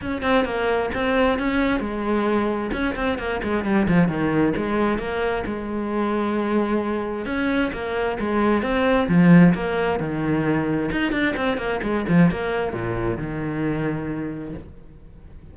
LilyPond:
\new Staff \with { instrumentName = "cello" } { \time 4/4 \tempo 4 = 132 cis'8 c'8 ais4 c'4 cis'4 | gis2 cis'8 c'8 ais8 gis8 | g8 f8 dis4 gis4 ais4 | gis1 |
cis'4 ais4 gis4 c'4 | f4 ais4 dis2 | dis'8 d'8 c'8 ais8 gis8 f8 ais4 | ais,4 dis2. | }